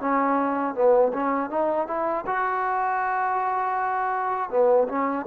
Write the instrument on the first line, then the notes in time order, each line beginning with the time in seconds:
trombone
0.00 C#4
0.75 B3
1.13 C#4
1.50 D#4
1.87 E4
2.26 F#4
4.50 B3
4.89 C#4